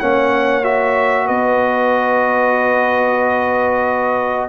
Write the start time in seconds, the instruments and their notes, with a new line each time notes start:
0.00 tuba A#3, trombone C#4, horn C#5, trumpet F#5
0.63 trombone F#4, trumpet E5
1.26 tuba B3, horn B4, trumpet D#5